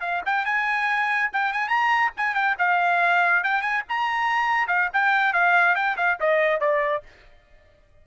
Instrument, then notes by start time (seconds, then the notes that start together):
trumpet
0.00 F5
0.25 G5
0.45 G#5
1.32 G5
1.52 G#5
1.68 A#5
2.16 G#5
2.34 G5
2.58 F5
3.43 G5
3.61 G#5
3.89 A#5
4.68 F5
4.93 G5
5.33 F5
5.75 G5
5.97 F5
6.20 D#5
6.60 D5